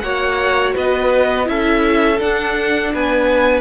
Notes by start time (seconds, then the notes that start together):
0.00 A#3 F#4 C#5 F#5
0.75 B3 B4 D#5
1.45 C#4 E4 A4 E5
2.18 D4 F#5
2.94 B3 B4 G#5